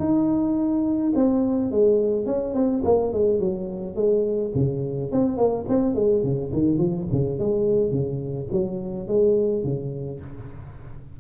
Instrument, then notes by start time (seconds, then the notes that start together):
tuba
0.00 D#4
1.16 C4
1.72 G#3
2.26 C#4
2.55 C4
2.85 A#3
3.13 G#3
3.40 F#3
3.96 G#3
4.55 C#3
5.12 C4
5.37 A#3
5.69 C4
5.95 G#3
6.24 C#3
6.53 D#3
6.78 F3
7.12 C#3
7.39 G#3
7.91 C#3
8.53 F#3
9.08 G#3
9.64 C#3